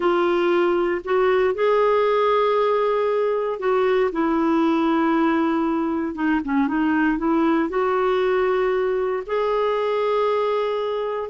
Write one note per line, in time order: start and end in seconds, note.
0.00 1.01 F4
1.04 1.54 F#4
1.54 3.59 G#4
3.59 4.10 F#4
4.12 6.14 E4
6.14 6.40 D#4
6.44 6.67 C#4
6.67 7.18 D#4
7.18 7.69 E4
7.69 9.23 F#4
9.26 11.29 G#4